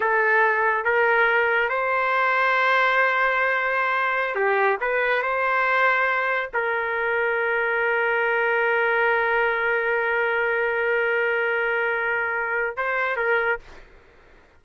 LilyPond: \new Staff \with { instrumentName = "trumpet" } { \time 4/4 \tempo 4 = 141 a'2 ais'2 | c''1~ | c''2~ c''16 g'4 b'8.~ | b'16 c''2. ais'8.~ |
ais'1~ | ais'1~ | ais'1~ | ais'2 c''4 ais'4 | }